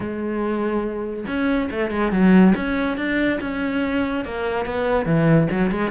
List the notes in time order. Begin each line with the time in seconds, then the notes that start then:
0.00 G#3
1.27 C#4
1.71 A3
1.91 G#3
2.11 F#3
2.55 C#4
2.97 D4
3.41 C#4
4.24 A#3
4.65 B3
5.05 E3
5.50 F#3
5.70 G#3